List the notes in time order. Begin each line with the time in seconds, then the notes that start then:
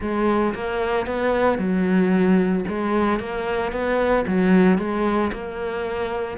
0.00 G#3
0.54 A#3
1.06 B3
1.58 F#3
2.67 G#3
3.19 A#3
3.71 B3
4.27 F#3
4.78 G#3
5.32 A#3